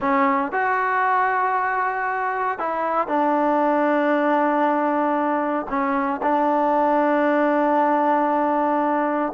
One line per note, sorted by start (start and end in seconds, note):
0.00 0.51 C#4
0.51 2.58 F#4
2.58 3.07 E4
3.07 5.66 D4
5.69 6.20 C#4
6.22 9.32 D4